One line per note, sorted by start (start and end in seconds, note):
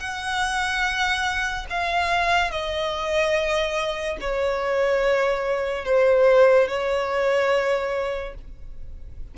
0.00 1.67 F#5
1.70 2.51 F5
2.51 4.18 D#5
4.21 5.85 C#5
5.85 6.68 C5
6.68 8.35 C#5